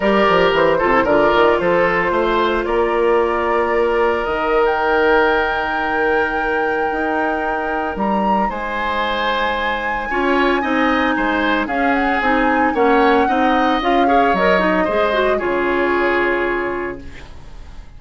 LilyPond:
<<
  \new Staff \with { instrumentName = "flute" } { \time 4/4 \tempo 4 = 113 d''4 c''4 d''4 c''4~ | c''4 d''2. | dis''8. g''2.~ g''16~ | g''2. ais''4 |
gis''1~ | gis''2 f''8 fis''8 gis''4 | fis''2 f''4 dis''4~ | dis''4 cis''2. | }
  \new Staff \with { instrumentName = "oboe" } { \time 4/4 ais'4. a'8 ais'4 a'4 | c''4 ais'2.~ | ais'1~ | ais'1 |
c''2. cis''4 | dis''4 c''4 gis'2 | cis''4 dis''4. cis''4. | c''4 gis'2. | }
  \new Staff \with { instrumentName = "clarinet" } { \time 4/4 g'4. f'16 e'16 f'2~ | f'1 | dis'1~ | dis'1~ |
dis'2. f'4 | dis'2 cis'4 dis'4 | cis'4 dis'4 f'8 gis'8 ais'8 dis'8 | gis'8 fis'8 f'2. | }
  \new Staff \with { instrumentName = "bassoon" } { \time 4/4 g8 f8 e8 c8 d8 dis8 f4 | a4 ais2. | dis1~ | dis4 dis'2 g4 |
gis2. cis'4 | c'4 gis4 cis'4 c'4 | ais4 c'4 cis'4 fis4 | gis4 cis2. | }
>>